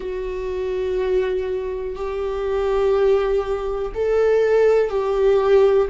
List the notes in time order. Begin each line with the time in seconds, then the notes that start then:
0.00 F#4
1.95 G4
3.94 A4
4.89 G4